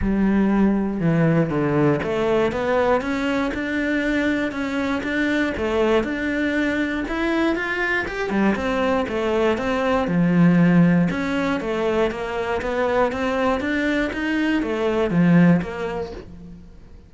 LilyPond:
\new Staff \with { instrumentName = "cello" } { \time 4/4 \tempo 4 = 119 g2 e4 d4 | a4 b4 cis'4 d'4~ | d'4 cis'4 d'4 a4 | d'2 e'4 f'4 |
g'8 g8 c'4 a4 c'4 | f2 cis'4 a4 | ais4 b4 c'4 d'4 | dis'4 a4 f4 ais4 | }